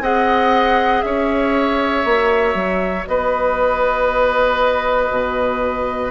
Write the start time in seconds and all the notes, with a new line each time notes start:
0.00 C4 G#4 D#5 F#5
1.01 C#4 C#5 E5
2.04 A#3 F#4
2.54 F#3
3.07 B3 B4 D#5
5.11 B2